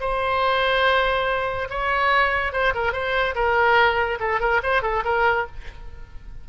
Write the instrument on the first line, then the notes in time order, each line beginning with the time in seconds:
oboe
0.00 C5
1.70 C#5
2.52 C5
2.74 A#4
2.92 C5
3.35 A#4
4.20 A4
4.40 A#4
4.63 C5
4.82 A4
5.04 A#4